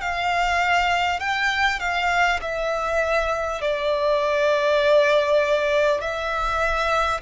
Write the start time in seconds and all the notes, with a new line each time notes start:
0.00 F5
1.19 G5
1.79 F5
2.41 E5
3.61 D5
6.00 E5